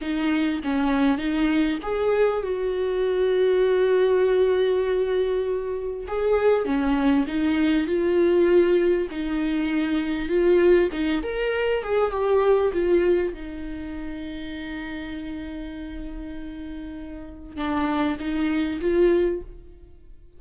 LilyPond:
\new Staff \with { instrumentName = "viola" } { \time 4/4 \tempo 4 = 99 dis'4 cis'4 dis'4 gis'4 | fis'1~ | fis'2 gis'4 cis'4 | dis'4 f'2 dis'4~ |
dis'4 f'4 dis'8 ais'4 gis'8 | g'4 f'4 dis'2~ | dis'1~ | dis'4 d'4 dis'4 f'4 | }